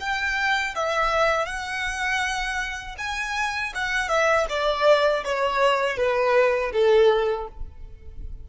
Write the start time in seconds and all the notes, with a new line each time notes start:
0.00 G5
0.75 E5
1.45 F#5
2.98 G#5
3.75 F#5
4.08 E5
4.49 D5
5.24 C#5
5.97 B4
6.73 A4